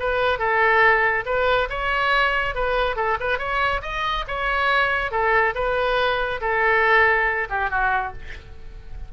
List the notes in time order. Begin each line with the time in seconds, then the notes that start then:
0.00 B4
0.39 A4
1.26 B4
1.70 C#5
2.55 B4
2.97 A4
3.20 B4
3.39 C#5
3.82 D#5
4.28 C#5
5.12 A4
5.55 B4
6.41 A4
7.50 G4
7.70 F#4